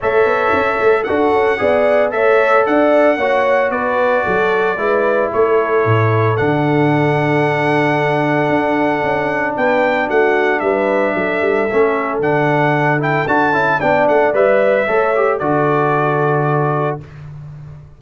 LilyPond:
<<
  \new Staff \with { instrumentName = "trumpet" } { \time 4/4 \tempo 4 = 113 e''2 fis''2 | e''4 fis''2 d''4~ | d''2 cis''2 | fis''1~ |
fis''2 g''4 fis''4 | e''2. fis''4~ | fis''8 g''8 a''4 g''8 fis''8 e''4~ | e''4 d''2. | }
  \new Staff \with { instrumentName = "horn" } { \time 4/4 cis''2 a'4 d''4 | cis''4 d''4 cis''4 b'4 | a'4 b'4 a'2~ | a'1~ |
a'2 b'4 fis'4 | b'4 a'2.~ | a'2 d''2 | cis''4 a'2. | }
  \new Staff \with { instrumentName = "trombone" } { \time 4/4 a'2 fis'4 gis'4 | a'2 fis'2~ | fis'4 e'2. | d'1~ |
d'1~ | d'2 cis'4 d'4~ | d'8 e'8 fis'8 e'8 d'4 b'4 | a'8 g'8 fis'2. | }
  \new Staff \with { instrumentName = "tuba" } { \time 4/4 a8 b8 cis'8 a8 d'8 cis'8 b4 | a4 d'4 ais4 b4 | fis4 gis4 a4 a,4 | d1 |
d'4 cis'4 b4 a4 | g4 fis8 g8 a4 d4~ | d4 d'8 cis'8 b8 a8 g4 | a4 d2. | }
>>